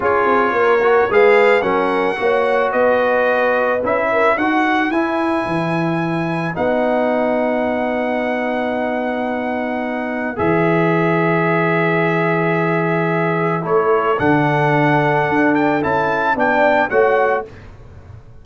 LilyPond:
<<
  \new Staff \with { instrumentName = "trumpet" } { \time 4/4 \tempo 4 = 110 cis''2 f''4 fis''4~ | fis''4 dis''2 e''4 | fis''4 gis''2. | fis''1~ |
fis''2. e''4~ | e''1~ | e''4 cis''4 fis''2~ | fis''8 g''8 a''4 g''4 fis''4 | }
  \new Staff \with { instrumentName = "horn" } { \time 4/4 gis'4 ais'4 b'4 ais'4 | cis''4 b'2~ b'8 ais'8 | b'1~ | b'1~ |
b'1~ | b'1~ | b'4 a'2.~ | a'2 d''4 cis''4 | }
  \new Staff \with { instrumentName = "trombone" } { \time 4/4 f'4. fis'8 gis'4 cis'4 | fis'2. e'4 | fis'4 e'2. | dis'1~ |
dis'2. gis'4~ | gis'1~ | gis'4 e'4 d'2~ | d'4 e'4 d'4 fis'4 | }
  \new Staff \with { instrumentName = "tuba" } { \time 4/4 cis'8 c'8 ais4 gis4 fis4 | ais4 b2 cis'4 | dis'4 e'4 e2 | b1~ |
b2. e4~ | e1~ | e4 a4 d2 | d'4 cis'4 b4 a4 | }
>>